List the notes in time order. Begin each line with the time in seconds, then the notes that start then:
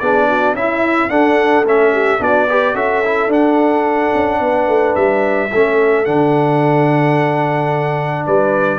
0.00 B3 D4 G#4 D5
0.29 F#4
0.54 C#4 E4 E5
1.09 D4 A4 F#5
1.64 A3 C#4 E5
1.93 G4
2.20 B3 D4 F#4 D5
2.50 G4 B4
2.74 C#4 F#4 A4 E5
3.05 E4
3.28 D4 F#5
4.14 C#4
4.40 B3 B4
4.68 A3
4.96 G3 E5
5.52 A3 C#4 A4
6.06 D3 D4 F#5
8.26 G3 B4 D5